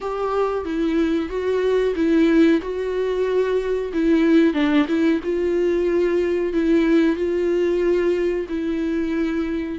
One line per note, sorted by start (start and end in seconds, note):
0.01 0.64 G4
0.64 1.29 E4
1.29 1.94 F#4
1.95 2.61 E4
2.61 3.92 F#4
3.93 4.53 E4
4.53 4.86 D4
4.87 5.20 E4
5.23 6.53 F4
6.53 7.16 E4
7.16 8.46 F4
8.48 9.79 E4